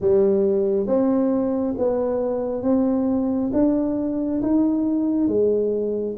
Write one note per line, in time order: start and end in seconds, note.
0.00 0.86 G3
0.86 1.74 C4
1.77 2.62 B3
2.62 3.51 C4
3.53 4.41 D4
4.42 5.27 D#4
5.27 6.16 G#3